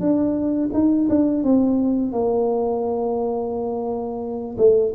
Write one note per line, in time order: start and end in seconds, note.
0.00 0.70 D4
0.73 1.08 D#4
1.08 1.43 D4
1.43 2.12 C4
2.12 4.56 A#3
4.57 4.92 A3